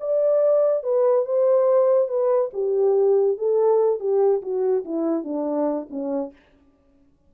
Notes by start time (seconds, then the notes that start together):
0.00 D5
0.83 B4
1.25 C5
2.09 B4
2.54 G4
3.38 A4
4.00 G4
4.42 F#4
4.85 E4
5.24 D4
5.90 C#4